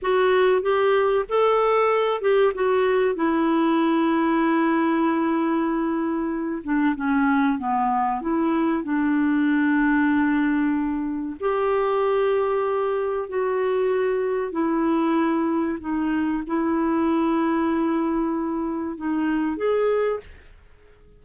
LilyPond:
\new Staff \with { instrumentName = "clarinet" } { \time 4/4 \tempo 4 = 95 fis'4 g'4 a'4. g'8 | fis'4 e'2.~ | e'2~ e'8 d'8 cis'4 | b4 e'4 d'2~ |
d'2 g'2~ | g'4 fis'2 e'4~ | e'4 dis'4 e'2~ | e'2 dis'4 gis'4 | }